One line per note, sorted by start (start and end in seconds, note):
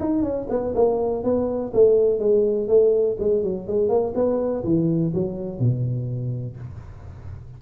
0.00 0.23 D#4
0.23 0.47 C#4
0.49 0.74 B3
0.75 1.24 A#3
1.24 1.73 B3
1.74 2.19 A3
2.19 2.68 G#3
2.68 3.17 A3
3.20 3.43 G#3
3.43 3.67 F#3
3.67 3.89 G#3
3.89 4.13 A#3
4.15 4.64 B3
4.64 5.13 E3
5.14 5.59 F#3
5.59 6.57 B2